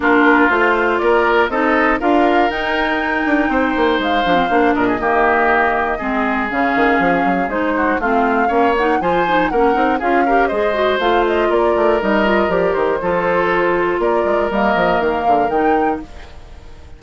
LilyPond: <<
  \new Staff \with { instrumentName = "flute" } { \time 4/4 \tempo 4 = 120 ais'4 c''4 d''4 dis''4 | f''4 g''2. | f''4. dis''2~ dis''8~ | dis''4 f''2 c''4 |
f''4. fis''8 gis''4 fis''4 | f''4 dis''4 f''8 dis''8 d''4 | dis''4 d''8 c''2~ c''8 | d''4 dis''4 f''4 g''4 | }
  \new Staff \with { instrumentName = "oboe" } { \time 4/4 f'2 ais'4 a'4 | ais'2. c''4~ | c''4. ais'16 gis'16 g'2 | gis'2.~ gis'8 fis'8 |
f'4 cis''4 c''4 ais'4 | gis'8 ais'8 c''2 ais'4~ | ais'2 a'2 | ais'1 | }
  \new Staff \with { instrumentName = "clarinet" } { \time 4/4 d'4 f'2 dis'4 | f'4 dis'2.~ | dis'8 d'16 c'16 d'4 ais2 | c'4 cis'2 dis'4 |
c'4 cis'8 dis'8 f'8 dis'8 cis'8 dis'8 | f'8 g'8 gis'8 fis'8 f'2 | dis'8 f'8 g'4 f'2~ | f'4 ais2 dis'4 | }
  \new Staff \with { instrumentName = "bassoon" } { \time 4/4 ais4 a4 ais4 c'4 | d'4 dis'4. d'8 c'8 ais8 | gis8 f8 ais8 ais,8 dis2 | gis4 cis8 dis8 f8 fis8 gis4 |
a4 ais4 f4 ais8 c'8 | cis'4 gis4 a4 ais8 a8 | g4 f8 dis8 f2 | ais8 gis8 g8 f8 dis8 d8 dis4 | }
>>